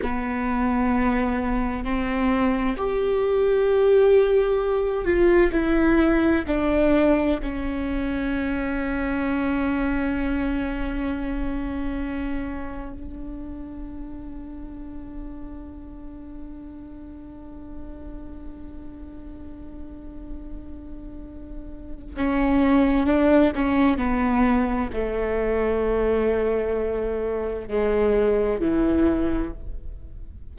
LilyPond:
\new Staff \with { instrumentName = "viola" } { \time 4/4 \tempo 4 = 65 b2 c'4 g'4~ | g'4. f'8 e'4 d'4 | cis'1~ | cis'2 d'2~ |
d'1~ | d'1 | cis'4 d'8 cis'8 b4 a4~ | a2 gis4 e4 | }